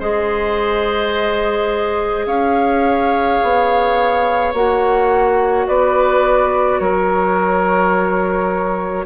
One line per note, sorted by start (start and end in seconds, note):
0.00 2.26 G#3
0.00 4.54 G#4
0.00 2.26 C5
0.00 2.27 D#5
2.26 3.40 C#4
2.26 5.67 C#5
2.26 4.53 F5
3.43 4.54 B3
4.54 5.67 A#3
4.54 9.06 F#4
4.54 5.68 F#5
5.67 6.80 B3
5.67 6.81 B4
5.67 6.79 D5
6.79 9.06 F#3
6.79 9.06 A#4
6.79 9.06 C#5